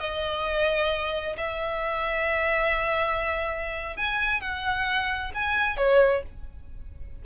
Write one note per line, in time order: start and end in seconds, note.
0.00 1.36 D#5
1.37 3.97 E5
3.97 4.41 G#5
4.41 5.32 F#5
5.34 5.77 G#5
5.77 6.23 C#5